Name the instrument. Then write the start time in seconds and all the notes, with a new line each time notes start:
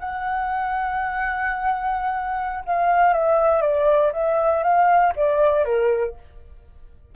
flute
0.00 F#5
2.66 F5
3.14 E5
3.62 D5
4.13 E5
4.64 F5
5.16 D5
5.65 A#4